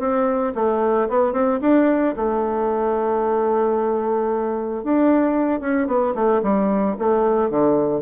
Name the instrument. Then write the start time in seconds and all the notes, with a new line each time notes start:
bassoon
0.00 C4
0.55 A3
1.09 B3
1.33 C4
1.62 D4
2.17 A3
4.84 D4
5.61 C#4
5.88 B3
6.15 A3
6.43 G3
6.99 A3
7.50 D3